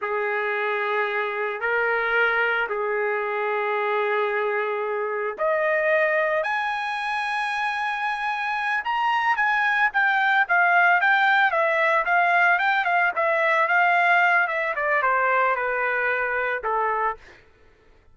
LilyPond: \new Staff \with { instrumentName = "trumpet" } { \time 4/4 \tempo 4 = 112 gis'2. ais'4~ | ais'4 gis'2.~ | gis'2 dis''2 | gis''1~ |
gis''8 ais''4 gis''4 g''4 f''8~ | f''8 g''4 e''4 f''4 g''8 | f''8 e''4 f''4. e''8 d''8 | c''4 b'2 a'4 | }